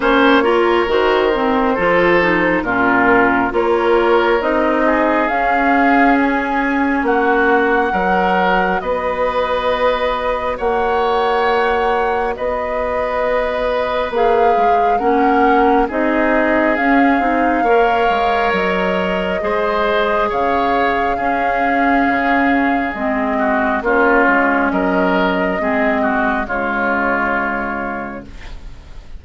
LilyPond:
<<
  \new Staff \with { instrumentName = "flute" } { \time 4/4 \tempo 4 = 68 cis''4 c''2 ais'4 | cis''4 dis''4 f''4 gis''4 | fis''2 dis''2 | fis''2 dis''2 |
f''4 fis''4 dis''4 f''4~ | f''4 dis''2 f''4~ | f''2 dis''4 cis''4 | dis''2 cis''2 | }
  \new Staff \with { instrumentName = "oboe" } { \time 4/4 c''8 ais'4. a'4 f'4 | ais'4. gis'2~ gis'8 | fis'4 ais'4 b'2 | cis''2 b'2~ |
b'4 ais'4 gis'2 | cis''2 c''4 cis''4 | gis'2~ gis'8 fis'8 f'4 | ais'4 gis'8 fis'8 f'2 | }
  \new Staff \with { instrumentName = "clarinet" } { \time 4/4 cis'8 f'8 fis'8 c'8 f'8 dis'8 cis'4 | f'4 dis'4 cis'2~ | cis'4 fis'2.~ | fis'1 |
gis'4 cis'4 dis'4 cis'8 dis'8 | ais'2 gis'2 | cis'2 c'4 cis'4~ | cis'4 c'4 gis2 | }
  \new Staff \with { instrumentName = "bassoon" } { \time 4/4 ais4 dis4 f4 ais,4 | ais4 c'4 cis'2 | ais4 fis4 b2 | ais2 b2 |
ais8 gis8 ais4 c'4 cis'8 c'8 | ais8 gis8 fis4 gis4 cis4 | cis'4 cis4 gis4 ais8 gis8 | fis4 gis4 cis2 | }
>>